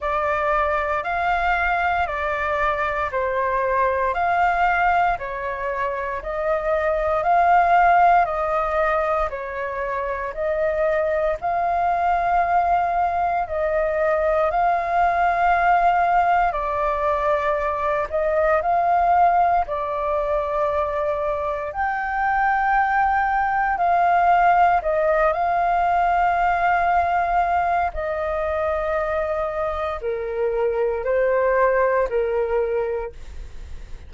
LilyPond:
\new Staff \with { instrumentName = "flute" } { \time 4/4 \tempo 4 = 58 d''4 f''4 d''4 c''4 | f''4 cis''4 dis''4 f''4 | dis''4 cis''4 dis''4 f''4~ | f''4 dis''4 f''2 |
d''4. dis''8 f''4 d''4~ | d''4 g''2 f''4 | dis''8 f''2~ f''8 dis''4~ | dis''4 ais'4 c''4 ais'4 | }